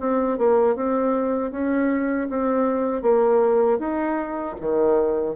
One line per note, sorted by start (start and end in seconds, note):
0.00 0.38 C4
0.38 0.76 A#3
0.76 1.51 C4
1.51 2.28 C#4
2.29 3.02 C4
3.02 3.79 A#3
3.79 4.56 D#4
4.60 5.36 D#3